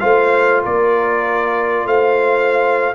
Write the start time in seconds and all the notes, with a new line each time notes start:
0.00 A3 F4 C5 F5
0.63 A#3 A#4 D5
1.86 A3 C5 F5